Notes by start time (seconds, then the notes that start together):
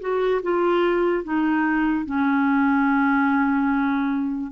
0.00 F#4
0.42 F4
1.23 D#4
2.05 C#4